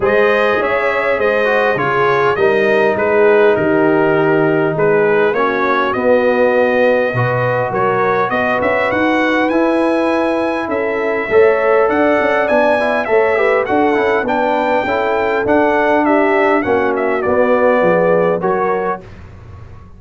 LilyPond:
<<
  \new Staff \with { instrumentName = "trumpet" } { \time 4/4 \tempo 4 = 101 dis''4 e''4 dis''4 cis''4 | dis''4 b'4 ais'2 | b'4 cis''4 dis''2~ | dis''4 cis''4 dis''8 e''8 fis''4 |
gis''2 e''2 | fis''4 gis''4 e''4 fis''4 | g''2 fis''4 e''4 | fis''8 e''8 d''2 cis''4 | }
  \new Staff \with { instrumentName = "horn" } { \time 4/4 c''4 cis''4 c''4 gis'4 | ais'4 gis'4 g'2 | gis'4 fis'2. | b'4 ais'4 b'2~ |
b'2 a'4 cis''4 | d''2 cis''8 b'8 a'4 | b'4 a'2 g'4 | fis'2 gis'4 ais'4 | }
  \new Staff \with { instrumentName = "trombone" } { \time 4/4 gis'2~ gis'8 fis'8 f'4 | dis'1~ | dis'4 cis'4 b2 | fis'1 |
e'2. a'4~ | a'4 d'8 e'8 a'8 g'8 fis'8 e'8 | d'4 e'4 d'2 | cis'4 b2 fis'4 | }
  \new Staff \with { instrumentName = "tuba" } { \time 4/4 gis4 cis'4 gis4 cis4 | g4 gis4 dis2 | gis4 ais4 b2 | b,4 fis4 b8 cis'8 dis'4 |
e'2 cis'4 a4 | d'8 cis'8 b4 a4 d'8 cis'8 | b4 cis'4 d'2 | ais4 b4 f4 fis4 | }
>>